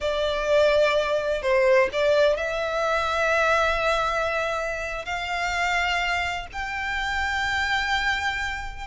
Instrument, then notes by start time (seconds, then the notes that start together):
violin
0.00 D5
1.42 C5
1.92 D5
2.36 E5
5.05 F5
6.52 G5